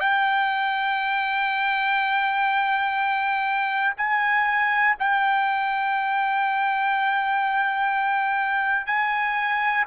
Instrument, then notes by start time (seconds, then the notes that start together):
trumpet
0.00 G5
3.97 G#5
4.99 G5
8.86 G#5